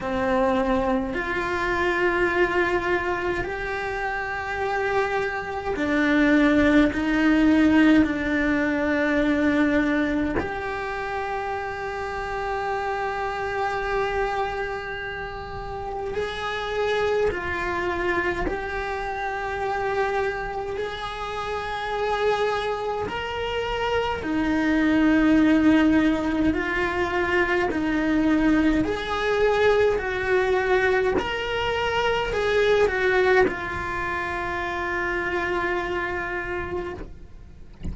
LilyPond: \new Staff \with { instrumentName = "cello" } { \time 4/4 \tempo 4 = 52 c'4 f'2 g'4~ | g'4 d'4 dis'4 d'4~ | d'4 g'2.~ | g'2 gis'4 f'4 |
g'2 gis'2 | ais'4 dis'2 f'4 | dis'4 gis'4 fis'4 ais'4 | gis'8 fis'8 f'2. | }